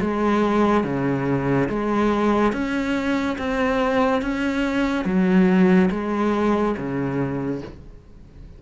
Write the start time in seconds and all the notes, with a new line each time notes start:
0.00 G#3
0.84 C#3
1.69 G#3
2.52 C#4
3.38 C4
4.22 C#4
5.05 F#3
5.90 G#3
6.77 C#3